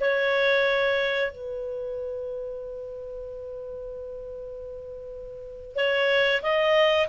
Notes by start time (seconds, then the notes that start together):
0.00 C#5
1.31 B4
5.75 C#5
6.42 D#5